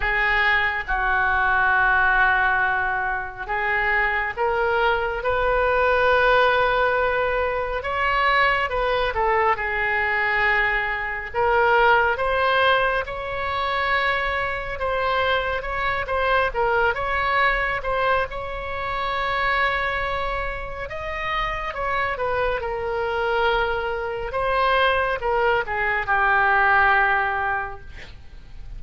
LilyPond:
\new Staff \with { instrumentName = "oboe" } { \time 4/4 \tempo 4 = 69 gis'4 fis'2. | gis'4 ais'4 b'2~ | b'4 cis''4 b'8 a'8 gis'4~ | gis'4 ais'4 c''4 cis''4~ |
cis''4 c''4 cis''8 c''8 ais'8 cis''8~ | cis''8 c''8 cis''2. | dis''4 cis''8 b'8 ais'2 | c''4 ais'8 gis'8 g'2 | }